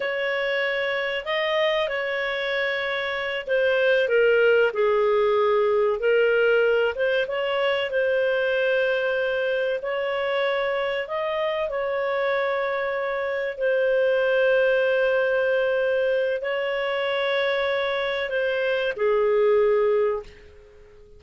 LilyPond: \new Staff \with { instrumentName = "clarinet" } { \time 4/4 \tempo 4 = 95 cis''2 dis''4 cis''4~ | cis''4. c''4 ais'4 gis'8~ | gis'4. ais'4. c''8 cis''8~ | cis''8 c''2. cis''8~ |
cis''4. dis''4 cis''4.~ | cis''4. c''2~ c''8~ | c''2 cis''2~ | cis''4 c''4 gis'2 | }